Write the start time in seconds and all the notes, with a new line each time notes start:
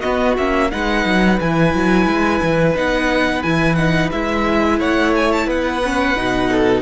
0.00 B3 F#4 D#5
0.38 A#3 C#4 E5
0.71 G#3 D#4 B4 F#5
1.05 F#3
1.40 E3 E4 G#5
1.74 F#3
2.07 G#3
2.42 E3
2.75 B3 D#4 F#5
3.43 E3 E4 G#5
3.75 D#4 F#5
4.12 G#3 E4 E5
4.79 A3 C#5 F#5
5.16 G#5
5.33 A5
5.46 B3 B4 F#5
5.84 C#4
6.15 B2 D#4
6.51 A4